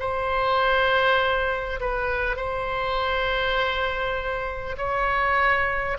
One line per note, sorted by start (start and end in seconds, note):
0.00 1.80 C5
1.81 2.37 B4
2.37 4.77 C5
4.78 5.98 C#5